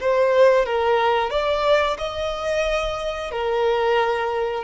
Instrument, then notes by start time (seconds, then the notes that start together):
violin
0.00 C5
0.65 A#4
1.30 D5
1.98 D#5
3.31 A#4